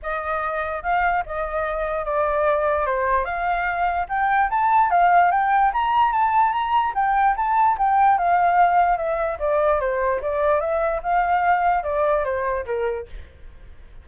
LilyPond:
\new Staff \with { instrumentName = "flute" } { \time 4/4 \tempo 4 = 147 dis''2 f''4 dis''4~ | dis''4 d''2 c''4 | f''2 g''4 a''4 | f''4 g''4 ais''4 a''4 |
ais''4 g''4 a''4 g''4 | f''2 e''4 d''4 | c''4 d''4 e''4 f''4~ | f''4 d''4 c''4 ais'4 | }